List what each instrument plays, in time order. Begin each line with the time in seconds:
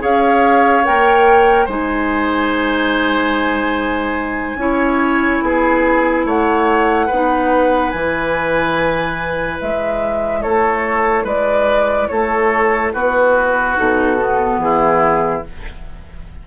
0.00 bassoon C#4, clarinet G#4, oboe C#5, flute F5
0.85 bassoon A#3, clarinet A#4, flute G5
1.66 bassoon G#3, clarinet D#4, oboe C5, flute G#5
4.56 bassoon C#4, clarinet E4, oboe C#5
5.42 bassoon B3, oboe G#4
6.26 bassoon A3, oboe C#5, flute F#5
7.07 bassoon B3, oboe B4
7.13 clarinet D#4
7.91 bassoon E3, clarinet E4, flute G#5
9.61 bassoon G#3, flute E5
10.42 bassoon A3, oboe A4, flute C#5
11.24 bassoon G#3, oboe B4, flute D5
12.08 bassoon A3, oboe A4, flute C#5
12.94 bassoon B3, oboe F#4, flute B4
13.75 bassoon B2, clarinet D#4, flute A4
14.19 clarinet B3
14.58 bassoon E3, oboe E4, flute G#4